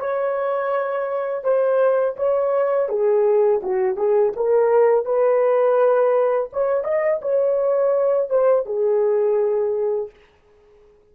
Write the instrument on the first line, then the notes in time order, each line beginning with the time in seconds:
horn
0.00 C#5
1.44 C5
2.17 C#5
2.89 G#4
3.63 F#4
3.97 G#4
4.37 A#4
5.06 B4
6.53 C#5
6.84 D#5
7.22 C#5
8.30 C5
8.66 G#4